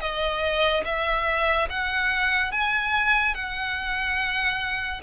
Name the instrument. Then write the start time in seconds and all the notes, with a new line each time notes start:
violin
0.00 D#5
0.84 E5
1.69 F#5
2.51 G#5
3.34 F#5